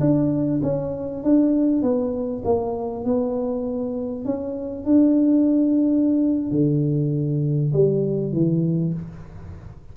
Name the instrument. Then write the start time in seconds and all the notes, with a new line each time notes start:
tuba
0.00 D4
0.63 C#4
1.23 D4
1.82 B3
2.45 A#3
3.05 B3
4.25 C#4
4.85 D4
6.51 D3
7.73 G3
8.33 E3